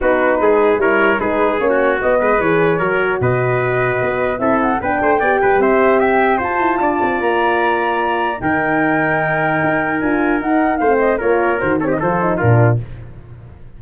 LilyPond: <<
  \new Staff \with { instrumentName = "flute" } { \time 4/4 \tempo 4 = 150 b'2 cis''4 b'4 | cis''4 dis''4 cis''2 | dis''2. e''8 fis''8 | g''2 e''4 g''4 |
a''2 ais''2~ | ais''4 g''2.~ | g''4 gis''4 fis''4 f''8 dis''8 | cis''4 c''8 cis''16 dis''16 c''4 ais'4 | }
  \new Staff \with { instrumentName = "trumpet" } { \time 4/4 fis'4 gis'4 ais'4 gis'4~ | gis'16 fis'4~ fis'16 b'4. ais'4 | b'2. a'4 | b'8 c''8 d''8 b'8 c''4 e''4 |
c''4 d''2.~ | d''4 ais'2.~ | ais'2. c''4 | ais'4. a'16 g'16 a'4 f'4 | }
  \new Staff \with { instrumentName = "horn" } { \time 4/4 dis'2 e'4 dis'4 | cis'4 b4 gis'4 fis'4~ | fis'2. e'4 | d'4 g'2. |
f'1~ | f'4 dis'2.~ | dis'4 f'4 dis'4 c'4 | f'4 fis'8 c'8 f'8 dis'8 d'4 | }
  \new Staff \with { instrumentName = "tuba" } { \time 4/4 b4 gis4 g4 gis4 | ais4 b8 gis8 e4 fis4 | b,2 b4 c'4 | b8 a8 b8 g8 c'2 |
f'8 e'8 d'8 c'8 ais2~ | ais4 dis2. | dis'4 d'4 dis'4 a4 | ais4 dis4 f4 ais,4 | }
>>